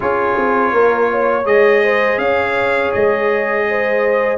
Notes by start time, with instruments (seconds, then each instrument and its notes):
0.00 tuba C#4, trombone F4, horn G#4, trumpet C#5
0.36 tuba C4
0.72 tuba A#3, horn A#4
1.11 horn C#5
1.45 tuba G#3, trombone G#4, trumpet D#5
1.83 horn C5
2.17 tuba C#4, horn C#5, trumpet F5
2.92 tuba G#3, trumpet D#5
3.68 horn C5